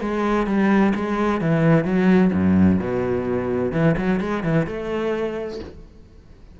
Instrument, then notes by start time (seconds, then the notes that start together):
cello
0.00 G#3
0.46 G3
0.95 G#3
1.41 E3
1.84 F#3
2.33 F#2
2.79 B2
3.72 E3
3.97 F#3
4.20 G#3
4.43 E3
4.66 A3